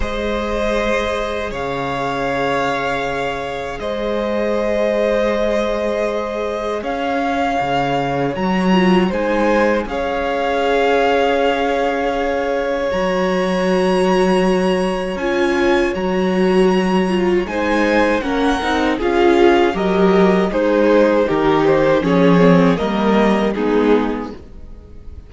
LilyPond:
<<
  \new Staff \with { instrumentName = "violin" } { \time 4/4 \tempo 4 = 79 dis''2 f''2~ | f''4 dis''2.~ | dis''4 f''2 ais''4 | gis''4 f''2.~ |
f''4 ais''2. | gis''4 ais''2 gis''4 | fis''4 f''4 dis''4 c''4 | ais'8 c''8 cis''4 dis''4 gis'4 | }
  \new Staff \with { instrumentName = "violin" } { \time 4/4 c''2 cis''2~ | cis''4 c''2.~ | c''4 cis''2. | c''4 cis''2.~ |
cis''1~ | cis''2. c''4 | ais'4 gis'4 ais'4 dis'4 | g'4 gis'4 ais'4 dis'4 | }
  \new Staff \with { instrumentName = "viola" } { \time 4/4 gis'1~ | gis'1~ | gis'2. fis'8 f'8 | dis'4 gis'2.~ |
gis'4 fis'2. | f'4 fis'4. f'8 dis'4 | cis'8 dis'8 f'4 g'4 gis'4 | dis'4 cis'8 c'8 ais4 b4 | }
  \new Staff \with { instrumentName = "cello" } { \time 4/4 gis2 cis2~ | cis4 gis2.~ | gis4 cis'4 cis4 fis4 | gis4 cis'2.~ |
cis'4 fis2. | cis'4 fis2 gis4 | ais8 c'8 cis'4 fis4 gis4 | dis4 f4 g4 gis4 | }
>>